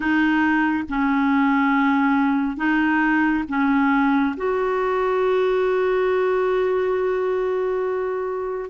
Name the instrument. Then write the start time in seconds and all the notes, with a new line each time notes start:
clarinet
0.00 D#4
0.89 C#4
2.57 D#4
3.48 C#4
4.36 F#4